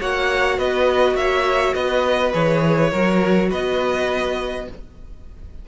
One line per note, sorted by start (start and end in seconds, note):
0.00 0.58 A#3
0.00 2.33 F#4
0.00 0.58 C#5
0.00 0.59 F#5
0.58 1.15 B3
0.58 1.16 B4
0.58 1.16 D#5
1.15 1.73 A#3
1.15 1.75 C#5
1.15 1.74 E5
1.74 2.33 B3
1.74 2.91 B4
1.74 2.32 D#5
2.33 2.93 E3
2.33 2.91 G#4
2.33 3.50 C#5
2.91 3.51 F#3
2.91 4.67 F#4
2.91 3.49 A#4
3.50 4.68 B3
3.50 4.66 B4
3.50 4.68 D#5